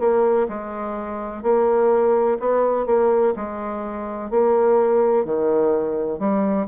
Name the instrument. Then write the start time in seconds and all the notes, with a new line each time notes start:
bassoon
0.00 A#3
0.49 G#3
1.43 A#3
2.40 B3
2.86 A#3
3.36 G#3
4.31 A#3
5.26 D#3
6.19 G3